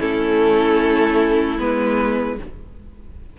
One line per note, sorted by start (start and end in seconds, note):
0.00 1.59 A3
0.00 1.58 C#4
0.00 2.37 E4
0.00 1.59 A4
1.58 2.39 G#3
1.58 2.37 B3
1.58 2.39 B4